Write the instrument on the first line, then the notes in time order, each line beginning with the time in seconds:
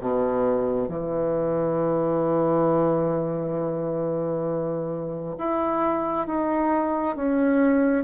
bassoon
0.00 B2
0.88 E3
5.38 E4
6.27 D#4
7.16 C#4